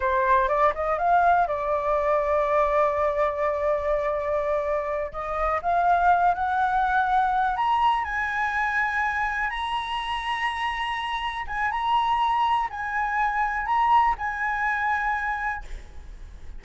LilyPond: \new Staff \with { instrumentName = "flute" } { \time 4/4 \tempo 4 = 123 c''4 d''8 dis''8 f''4 d''4~ | d''1~ | d''2~ d''8 dis''4 f''8~ | f''4 fis''2~ fis''8 ais''8~ |
ais''8 gis''2. ais''8~ | ais''2.~ ais''8 gis''8 | ais''2 gis''2 | ais''4 gis''2. | }